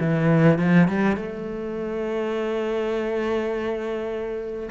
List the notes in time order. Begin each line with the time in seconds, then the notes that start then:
0.00 E3
0.58 F3
0.88 G3
1.17 A3